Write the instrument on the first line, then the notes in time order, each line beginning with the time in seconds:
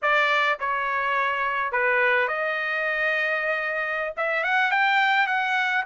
trumpet
0.02 D5
0.59 C#5
1.71 B4
2.28 D#5
4.16 E5
4.43 F#5
4.71 G5
5.26 F#5